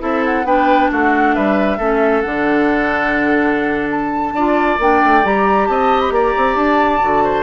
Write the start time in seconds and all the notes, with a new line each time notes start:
0.00 C4 E4 A4 E5
0.26 F#5
0.45 B3 D4 B4 G5
0.91 A3 F#4 F#5
1.35 G3 B4 E5
1.78 A3 C#4 A4
2.22 D3 D4 F#5
3.91 A5
4.33 D4 F4 D5
4.80 A#3 D4 G5
5.04 A3
5.24 G3 G4 A#5
5.67 C4 D#5 A5
6.00 B5
6.11 A#3 D5 A#5
6.38 C4
6.56 D4 A5
7.01 D3 F#4
7.24 C5